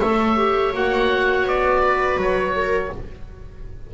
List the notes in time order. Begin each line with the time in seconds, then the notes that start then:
0.00 A3 A4 C#5 E5
0.37 G4
0.73 A#3 F#4 F#5
1.45 B3 D5
1.81 B4
2.17 F#3 C#5
2.56 A#4